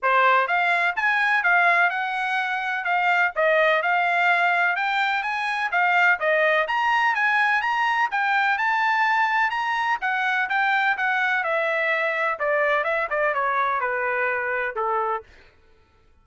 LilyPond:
\new Staff \with { instrumentName = "trumpet" } { \time 4/4 \tempo 4 = 126 c''4 f''4 gis''4 f''4 | fis''2 f''4 dis''4 | f''2 g''4 gis''4 | f''4 dis''4 ais''4 gis''4 |
ais''4 g''4 a''2 | ais''4 fis''4 g''4 fis''4 | e''2 d''4 e''8 d''8 | cis''4 b'2 a'4 | }